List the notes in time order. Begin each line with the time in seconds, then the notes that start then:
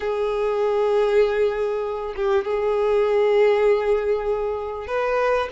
0.00 G#4
2.15 G4
2.44 G#4
4.87 B4